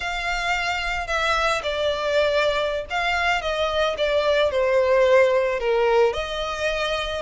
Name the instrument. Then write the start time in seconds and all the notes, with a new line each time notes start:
violin
0.00 F5
1.07 E5
1.62 D5
2.90 F5
3.41 D#5
3.97 D5
4.51 C5
5.59 A#4
6.13 D#5